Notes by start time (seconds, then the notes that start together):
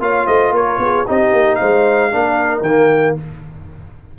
0.00 A#3 F4 C#5 F5
0.26 A3 C5 D#5
0.51 A#3 A#4 C#5
0.79 B3 G#4
1.06 C4 D#4 G4 D#5
1.33 A#3
1.55 C5 F5
1.62 G#3
2.12 A#3 D4 A#4
2.61 D#3 A#3 G5